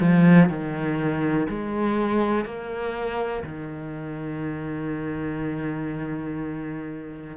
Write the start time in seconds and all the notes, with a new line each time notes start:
0.00 F3
0.49 D#3
1.48 G#3
2.45 A#3
3.44 D#3